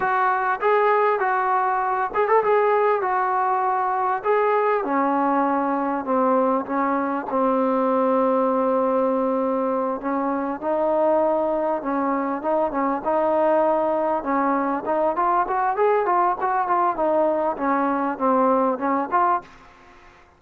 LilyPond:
\new Staff \with { instrumentName = "trombone" } { \time 4/4 \tempo 4 = 99 fis'4 gis'4 fis'4. gis'16 a'16 | gis'4 fis'2 gis'4 | cis'2 c'4 cis'4 | c'1~ |
c'8 cis'4 dis'2 cis'8~ | cis'8 dis'8 cis'8 dis'2 cis'8~ | cis'8 dis'8 f'8 fis'8 gis'8 f'8 fis'8 f'8 | dis'4 cis'4 c'4 cis'8 f'8 | }